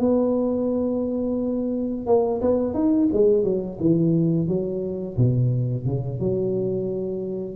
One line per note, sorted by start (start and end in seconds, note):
0.00 2.07 B3
2.07 2.41 A#3
2.41 2.75 B3
2.75 3.09 D#4
3.13 3.44 G#3
3.44 3.79 F#3
3.80 4.48 E3
4.48 5.17 F#3
5.18 5.86 B2
5.86 6.20 C#3
6.20 7.56 F#3